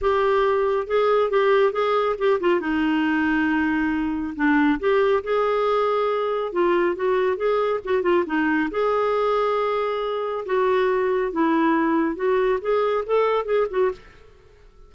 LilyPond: \new Staff \with { instrumentName = "clarinet" } { \time 4/4 \tempo 4 = 138 g'2 gis'4 g'4 | gis'4 g'8 f'8 dis'2~ | dis'2 d'4 g'4 | gis'2. f'4 |
fis'4 gis'4 fis'8 f'8 dis'4 | gis'1 | fis'2 e'2 | fis'4 gis'4 a'4 gis'8 fis'8 | }